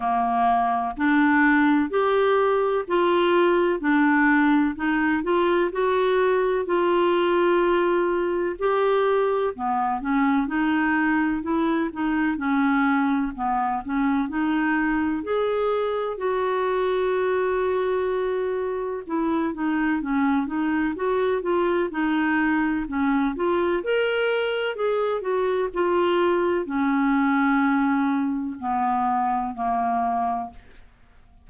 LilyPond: \new Staff \with { instrumentName = "clarinet" } { \time 4/4 \tempo 4 = 63 ais4 d'4 g'4 f'4 | d'4 dis'8 f'8 fis'4 f'4~ | f'4 g'4 b8 cis'8 dis'4 | e'8 dis'8 cis'4 b8 cis'8 dis'4 |
gis'4 fis'2. | e'8 dis'8 cis'8 dis'8 fis'8 f'8 dis'4 | cis'8 f'8 ais'4 gis'8 fis'8 f'4 | cis'2 b4 ais4 | }